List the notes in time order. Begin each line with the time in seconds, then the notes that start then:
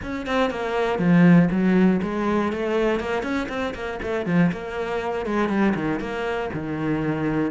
0.02 C#4
0.26 C4
0.50 A#3
0.98 F3
1.50 F#3
2.02 G#3
2.52 A3
3.00 A#3
3.22 C#4
3.49 C4
3.74 A#3
4.02 A3
4.26 F3
4.52 A#3
5.25 G#3
5.48 G3
5.75 D#3
6.00 A#3
6.53 D#3